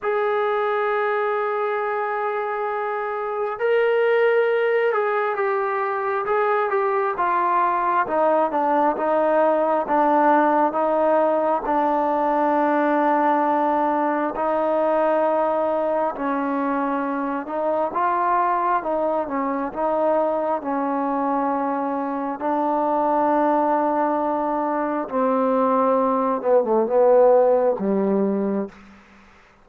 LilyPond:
\new Staff \with { instrumentName = "trombone" } { \time 4/4 \tempo 4 = 67 gis'1 | ais'4. gis'8 g'4 gis'8 g'8 | f'4 dis'8 d'8 dis'4 d'4 | dis'4 d'2. |
dis'2 cis'4. dis'8 | f'4 dis'8 cis'8 dis'4 cis'4~ | cis'4 d'2. | c'4. b16 a16 b4 g4 | }